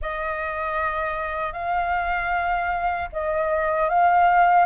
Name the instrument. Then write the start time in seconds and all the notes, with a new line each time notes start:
flute
0.01 D#5
1.52 F5
3.12 D#5
3.89 F5